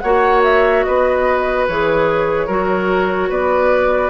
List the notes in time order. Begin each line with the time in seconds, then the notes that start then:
0.00 A#3 F#4 C#5 F#5
0.43 E5
0.83 B3 B4 D#5
1.68 E3 G#4 C#5
2.47 F#3 F#4 A#4
3.29 B3 B4 D5